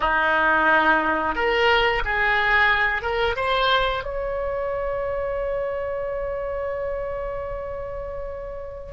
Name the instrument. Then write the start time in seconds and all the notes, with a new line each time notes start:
oboe
0.00 D#4
1.35 A#4
2.04 G#4
3.02 A#4
3.36 C5
4.03 C#5